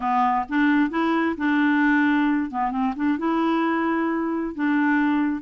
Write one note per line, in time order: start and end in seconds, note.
0.00 0.45 B3
0.49 0.90 D4
0.90 1.35 E4
1.37 2.50 D4
2.50 2.71 B3
2.71 2.94 C4
2.95 3.18 D4
3.18 4.54 E4
4.54 5.42 D4